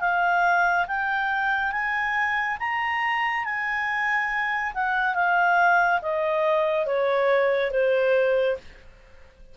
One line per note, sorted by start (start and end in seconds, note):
0.00 0.86 F5
0.87 1.71 G5
1.71 2.57 G#5
2.59 3.44 A#5
3.44 4.73 G#5
4.74 5.14 F#5
5.14 6.00 F5
6.01 6.86 D#5
6.86 7.71 C#5
7.71 8.56 C5